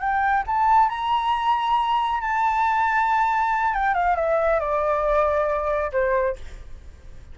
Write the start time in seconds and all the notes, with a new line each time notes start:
0.00 G5
0.47 A5
0.89 A#5
2.21 A5
3.74 G5
3.95 F5
4.16 E5
4.60 D5
5.92 C5